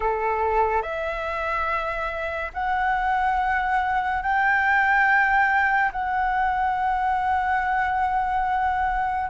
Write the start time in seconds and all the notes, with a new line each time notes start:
0.00 A4
0.82 E5
2.54 F#5
4.22 G5
5.92 F#5